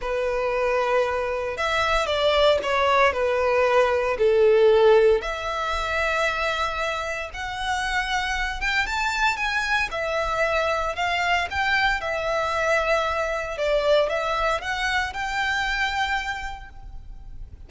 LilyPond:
\new Staff \with { instrumentName = "violin" } { \time 4/4 \tempo 4 = 115 b'2. e''4 | d''4 cis''4 b'2 | a'2 e''2~ | e''2 fis''2~ |
fis''8 g''8 a''4 gis''4 e''4~ | e''4 f''4 g''4 e''4~ | e''2 d''4 e''4 | fis''4 g''2. | }